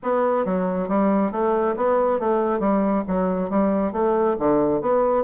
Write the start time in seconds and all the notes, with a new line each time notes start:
0.02 B3
0.45 F#3
0.88 G3
1.31 A3
1.76 B3
2.19 A3
2.59 G3
3.07 F#3
3.49 G3
3.92 A3
4.39 D3
4.81 B3